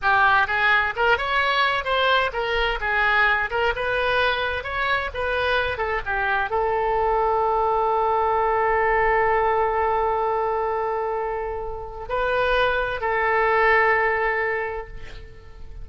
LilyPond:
\new Staff \with { instrumentName = "oboe" } { \time 4/4 \tempo 4 = 129 g'4 gis'4 ais'8 cis''4. | c''4 ais'4 gis'4. ais'8 | b'2 cis''4 b'4~ | b'8 a'8 g'4 a'2~ |
a'1~ | a'1~ | a'2 b'2 | a'1 | }